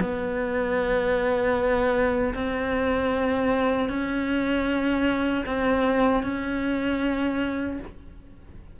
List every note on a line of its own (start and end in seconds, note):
0.00 2.34 B3
2.34 3.89 C4
3.89 5.45 C#4
5.46 6.23 C4
6.23 7.79 C#4